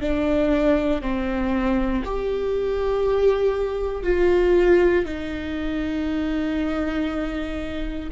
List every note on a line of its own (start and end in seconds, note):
0.00 1.01 D4
1.01 2.03 C4
2.05 4.03 G4
4.03 5.05 F4
5.05 8.10 D#4